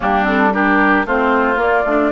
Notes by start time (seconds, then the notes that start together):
0.00 G3 A#3 D4 G4
0.23 C4 A4
0.53 D4 G4 A#4
1.05 A3 C4 F4 C5
1.55 A#3 D5
1.85 A3 D4